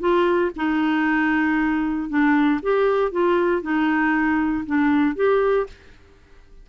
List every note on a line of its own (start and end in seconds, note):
0.00 0.51 F4
0.56 2.09 D#4
2.09 2.61 D4
2.63 3.12 G4
3.12 3.62 F4
3.62 4.65 D#4
4.66 5.16 D4
5.16 5.67 G4